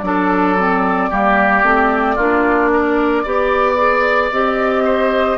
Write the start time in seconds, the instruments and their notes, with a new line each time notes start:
0.00 bassoon F#3, clarinet D4, flute D5
0.06 oboe A4
0.58 clarinet C4
1.10 bassoon G3, clarinet A#3, oboe G4
1.63 bassoon A3, clarinet C4
2.15 bassoon A#3, clarinet D4, oboe F4
2.73 oboe A#4
3.23 bassoon B3, clarinet G4, oboe D5
3.77 clarinet G#4
4.31 bassoon C4, clarinet G4, flute D#5
4.84 oboe C5